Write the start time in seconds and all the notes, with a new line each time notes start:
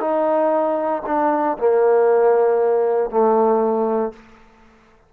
0.00 D#4
1.06 D4
1.58 A#3
3.10 A3